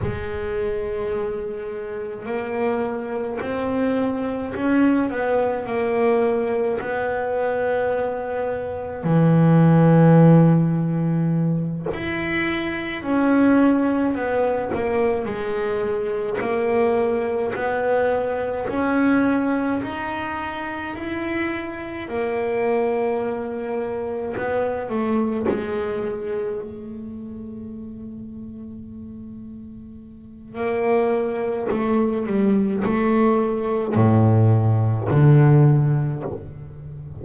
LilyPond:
\new Staff \with { instrumentName = "double bass" } { \time 4/4 \tempo 4 = 53 gis2 ais4 c'4 | cis'8 b8 ais4 b2 | e2~ e8 e'4 cis'8~ | cis'8 b8 ais8 gis4 ais4 b8~ |
b8 cis'4 dis'4 e'4 ais8~ | ais4. b8 a8 gis4 a8~ | a2. ais4 | a8 g8 a4 a,4 d4 | }